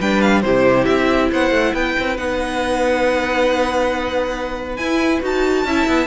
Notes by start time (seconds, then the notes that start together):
0.00 G3 D4 B4 G5
0.21 F5
0.41 C3 E4 G4 C5
0.85 C4 E5
1.31 B3 C5 F#5
1.51 A3
1.74 B3 B4 G5
1.99 C4
2.17 B3 D#4 F#5
4.76 E4 G#5
5.21 D#4 F#4 A5
5.65 C#4 E4 E5
5.87 B3